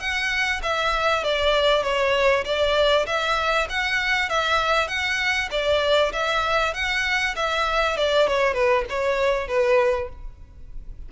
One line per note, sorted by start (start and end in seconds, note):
0.00 0.61 F#5
0.63 1.24 E5
1.24 1.83 D5
1.83 2.44 C#5
2.45 3.06 D5
3.06 3.68 E5
3.70 4.29 F#5
4.29 4.88 E5
4.88 5.49 F#5
5.51 6.12 D5
6.13 6.74 E5
6.74 7.35 F#5
7.36 7.97 E5
7.97 8.28 D5
8.28 8.54 C#5
8.54 8.85 B4
8.89 9.48 C#5
9.48 10.09 B4